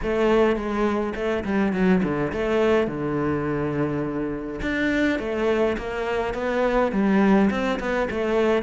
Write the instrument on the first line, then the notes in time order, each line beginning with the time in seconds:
cello
0.02 A3
0.55 G#3
1.15 A3
1.44 G3
1.73 F#3
2.03 D3
2.32 A3
2.87 D3
4.61 D4
5.19 A3
5.77 A#3
6.34 B3
6.92 G3
7.50 C4
7.79 B3
8.10 A3